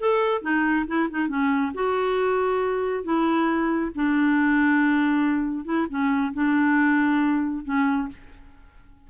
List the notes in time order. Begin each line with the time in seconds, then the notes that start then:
0.00 A4
0.42 D#4
0.87 E4
1.10 D#4
1.28 C#4
1.75 F#4
3.04 E4
3.95 D4
5.65 E4
5.89 C#4
6.34 D4
7.64 C#4